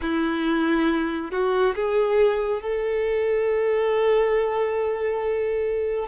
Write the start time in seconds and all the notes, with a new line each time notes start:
0.01 E4
1.31 F#4
1.75 G#4
2.61 A4